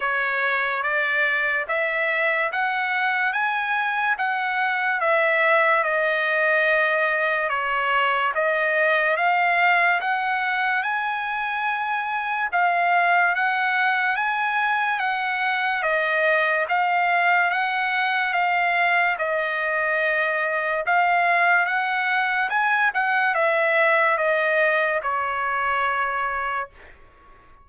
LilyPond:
\new Staff \with { instrumentName = "trumpet" } { \time 4/4 \tempo 4 = 72 cis''4 d''4 e''4 fis''4 | gis''4 fis''4 e''4 dis''4~ | dis''4 cis''4 dis''4 f''4 | fis''4 gis''2 f''4 |
fis''4 gis''4 fis''4 dis''4 | f''4 fis''4 f''4 dis''4~ | dis''4 f''4 fis''4 gis''8 fis''8 | e''4 dis''4 cis''2 | }